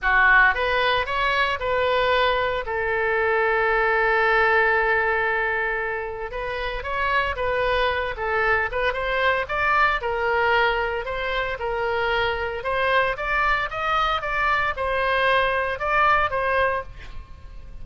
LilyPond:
\new Staff \with { instrumentName = "oboe" } { \time 4/4 \tempo 4 = 114 fis'4 b'4 cis''4 b'4~ | b'4 a'2.~ | a'1 | b'4 cis''4 b'4. a'8~ |
a'8 b'8 c''4 d''4 ais'4~ | ais'4 c''4 ais'2 | c''4 d''4 dis''4 d''4 | c''2 d''4 c''4 | }